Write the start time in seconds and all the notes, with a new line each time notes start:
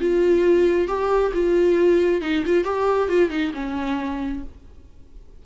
0.00 F4
0.87 G4
1.34 F4
2.21 D#4
2.46 F4
2.64 G4
3.08 F4
3.30 D#4
3.54 C#4